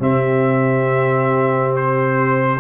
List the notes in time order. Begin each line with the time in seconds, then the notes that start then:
0.00 C3 C4 G4 E5
1.75 C5